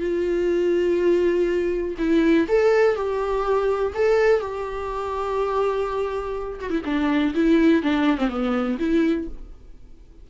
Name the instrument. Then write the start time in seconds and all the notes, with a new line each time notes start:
viola
0.00 F4
1.98 E4
2.48 A4
2.95 G4
3.95 A4
4.40 G4
6.60 F#4
6.70 E4
6.85 D4
7.35 E4
7.82 D4
8.18 C4
8.29 B3
8.79 E4